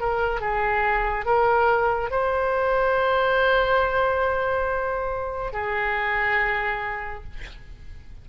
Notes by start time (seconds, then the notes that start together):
0.00 A#4
0.41 G#4
1.26 A#4
2.11 C5
5.53 G#4